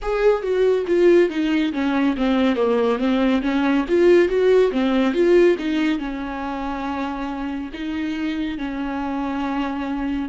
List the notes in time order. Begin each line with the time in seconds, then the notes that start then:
0.02 G#4
0.42 F#4
0.87 F4
1.29 D#4
1.73 C#4
2.16 C4
2.55 A#3
2.98 C4
3.42 C#4
3.88 F4
4.28 F#4
4.71 C4
5.13 F4
5.58 D#4
5.98 C#4
7.73 D#4
8.58 C#4